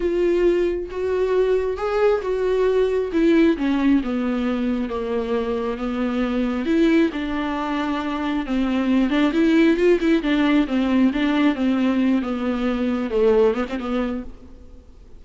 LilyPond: \new Staff \with { instrumentName = "viola" } { \time 4/4 \tempo 4 = 135 f'2 fis'2 | gis'4 fis'2 e'4 | cis'4 b2 ais4~ | ais4 b2 e'4 |
d'2. c'4~ | c'8 d'8 e'4 f'8 e'8 d'4 | c'4 d'4 c'4. b8~ | b4. a4 b16 c'16 b4 | }